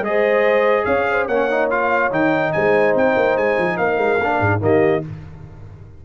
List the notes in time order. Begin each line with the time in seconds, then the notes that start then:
0.00 G#3 G#4 D#5
0.07 C5
0.84 C#4 C#5 F5
1.11 C5
1.27 A#3 C#4 C#5 F#5
1.50 D#4
1.70 F4 F5
2.11 D#3 D#4 G5
2.52 G#3 C5 G#5
2.95 C4 G5
3.16 A#3
3.37 G#3 G#5
3.58 F3
3.76 A#3 A#4 F5
3.97 G#3
4.19 A#3 D4
4.39 G#2 G#4
4.60 D#3 A#3 G4 D#5